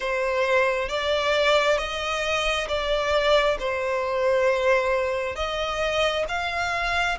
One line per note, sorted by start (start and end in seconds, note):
0.00 0.88 C5
0.88 1.78 D5
1.78 2.67 D#5
2.67 3.57 D5
3.59 5.35 C5
5.35 6.25 D#5
6.28 7.18 F5